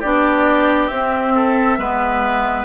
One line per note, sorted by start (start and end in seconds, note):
0.00 0.90 B3
0.00 0.92 D4
0.00 1.32 G4
0.00 0.88 D5
0.88 1.78 C4
0.88 1.79 C4
0.88 2.64 E5
1.35 1.78 A4
1.78 2.65 G#3
1.78 2.65 B3
1.78 2.65 B4